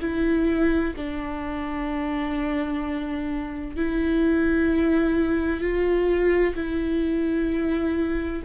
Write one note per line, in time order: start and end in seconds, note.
0.00 0.94 E4
0.96 3.76 D4
3.76 5.61 E4
5.61 6.55 F4
6.55 8.43 E4